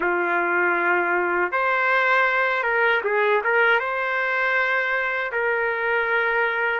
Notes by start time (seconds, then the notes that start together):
0.00 F4
1.52 C5
2.63 A#4
3.04 G#4
3.44 A#4
3.79 C5
5.32 A#4